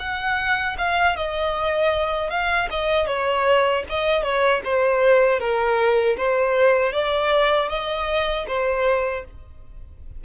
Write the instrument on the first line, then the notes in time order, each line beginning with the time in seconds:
violin
0.00 F#5
0.79 F5
1.17 D#5
2.30 F5
2.71 D#5
3.07 C#5
3.90 D#5
4.23 C#5
4.65 C5
5.40 A#4
6.17 C5
6.93 D5
7.69 D#5
8.48 C5